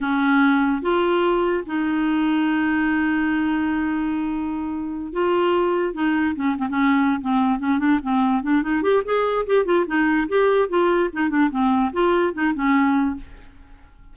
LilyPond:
\new Staff \with { instrumentName = "clarinet" } { \time 4/4 \tempo 4 = 146 cis'2 f'2 | dis'1~ | dis'1~ | dis'8 f'2 dis'4 cis'8 |
c'16 cis'4~ cis'16 c'4 cis'8 d'8 c'8~ | c'8 d'8 dis'8 g'8 gis'4 g'8 f'8 | dis'4 g'4 f'4 dis'8 d'8 | c'4 f'4 dis'8 cis'4. | }